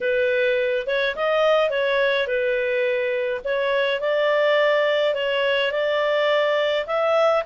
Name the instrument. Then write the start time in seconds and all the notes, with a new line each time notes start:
clarinet
0.01 B4
0.86 C#5
1.15 D#5
1.70 C#5
2.27 B4
3.44 C#5
4.00 D5
5.14 C#5
5.71 D5
6.86 E5